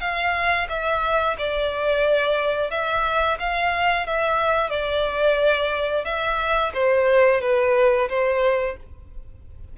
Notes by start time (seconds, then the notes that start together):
0.00 F5
0.69 E5
1.38 D5
2.71 E5
3.40 F5
4.07 E5
4.70 D5
6.05 E5
6.74 C5
7.41 B4
8.09 C5